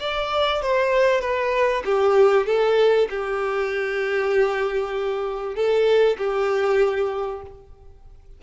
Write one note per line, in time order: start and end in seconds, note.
0.00 0.62 D5
0.62 1.21 C5
1.21 1.83 B4
1.85 2.46 G4
2.46 3.08 A4
3.10 5.55 G4
5.55 6.17 A4
6.18 7.42 G4